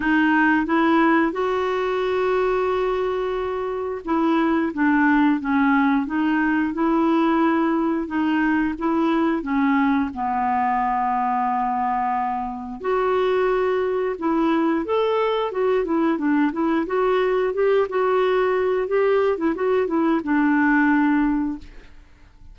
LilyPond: \new Staff \with { instrumentName = "clarinet" } { \time 4/4 \tempo 4 = 89 dis'4 e'4 fis'2~ | fis'2 e'4 d'4 | cis'4 dis'4 e'2 | dis'4 e'4 cis'4 b4~ |
b2. fis'4~ | fis'4 e'4 a'4 fis'8 e'8 | d'8 e'8 fis'4 g'8 fis'4. | g'8. e'16 fis'8 e'8 d'2 | }